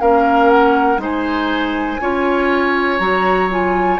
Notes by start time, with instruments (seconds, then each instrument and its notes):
0.00 bassoon A#3, clarinet C#4, oboe A#4, flute F5
0.49 flute F#5
0.97 bassoon G#3, clarinet D#4, oboe C5, flute G#5
2.00 bassoon C#4, clarinet F4, oboe C#5
2.99 bassoon F#3, clarinet F#4, flute A#5
3.49 clarinet F4, flute G#5